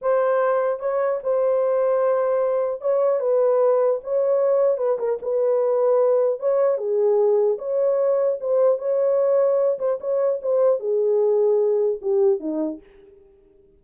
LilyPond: \new Staff \with { instrumentName = "horn" } { \time 4/4 \tempo 4 = 150 c''2 cis''4 c''4~ | c''2. cis''4 | b'2 cis''2 | b'8 ais'8 b'2. |
cis''4 gis'2 cis''4~ | cis''4 c''4 cis''2~ | cis''8 c''8 cis''4 c''4 gis'4~ | gis'2 g'4 dis'4 | }